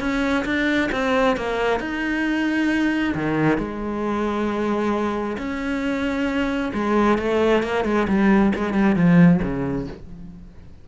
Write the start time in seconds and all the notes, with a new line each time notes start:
0.00 C#4
0.45 D4
0.92 C4
1.37 A#3
1.80 D#4
3.15 D#3
3.58 G#3
5.38 C#4
6.74 G#3
7.18 A3
7.63 A#3
7.85 G#3
8.08 G3
8.55 G#3
8.74 G3
8.96 F3
9.43 C#3